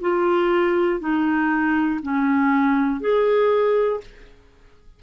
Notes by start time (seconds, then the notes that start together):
0.00 F4
1.00 D#4
2.02 C#4
3.00 G#4